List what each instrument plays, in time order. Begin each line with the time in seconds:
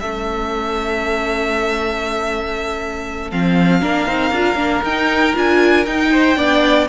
0.00 cello A3, viola C#4, violin A4 E5
3.31 cello F3, viola C4, violin F5
3.81 cello A#3, viola D4, violin A#4
4.06 cello C4, viola D#4
4.31 cello D4, viola F4
4.55 cello A#3, viola D4
4.83 cello D#4, viola D#4, violin G5
5.34 cello D4, viola F4, violin G#5
5.86 cello D#4, viola D#4, violin G5
6.12 violin C5
6.36 cello B3, viola D4, violin D5